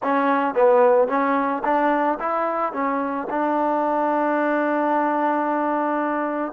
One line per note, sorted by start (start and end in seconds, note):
0.02 0.54 C#4
0.54 1.08 B3
1.08 1.62 C#4
1.64 2.18 D4
2.19 2.73 E4
2.73 3.27 C#4
3.30 6.52 D4